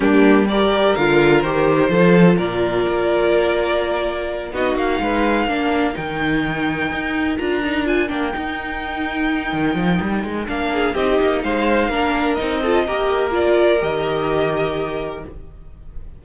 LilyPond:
<<
  \new Staff \with { instrumentName = "violin" } { \time 4/4 \tempo 4 = 126 g'4 d''4 f''4 c''4~ | c''4 d''2.~ | d''4. dis''8 f''2~ | f''8 g''2. ais''8~ |
ais''8 gis''8 g''2.~ | g''2 f''4 dis''4 | f''2 dis''2 | d''4 dis''2. | }
  \new Staff \with { instrumentName = "violin" } { \time 4/4 d'4 ais'2. | a'4 ais'2.~ | ais'4. fis'4 b'4 ais'8~ | ais'1~ |
ais'1~ | ais'2~ ais'8 gis'8 g'4 | c''4 ais'4. a'8 ais'4~ | ais'1 | }
  \new Staff \with { instrumentName = "viola" } { \time 4/4 ais4 g'4 f'4 g'4 | f'1~ | f'4. dis'2 d'8~ | d'8 dis'2. f'8 |
dis'8 f'8 d'8 dis'2~ dis'8~ | dis'2 d'4 dis'4~ | dis'4 d'4 dis'8 f'8 g'4 | f'4 g'2. | }
  \new Staff \with { instrumentName = "cello" } { \time 4/4 g2 d4 dis4 | f4 ais,4 ais2~ | ais4. b8 ais8 gis4 ais8~ | ais8 dis2 dis'4 d'8~ |
d'4 ais8 dis'2~ dis'8 | dis8 f8 g8 gis8 ais4 c'8 ais8 | gis4 ais4 c'4 ais4~ | ais4 dis2. | }
>>